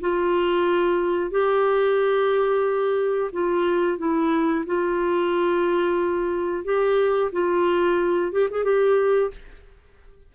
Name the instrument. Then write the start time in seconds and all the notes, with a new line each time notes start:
clarinet
0.00 F4
1.30 G4
3.32 F4
3.98 E4
4.66 F4
6.64 G4
7.32 F4
8.32 G4
8.50 G#4
8.64 G4